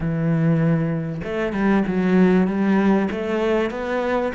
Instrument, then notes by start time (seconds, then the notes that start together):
cello
0.00 E3
1.24 A3
1.52 G3
1.87 F#3
2.47 G3
3.10 A3
3.70 B3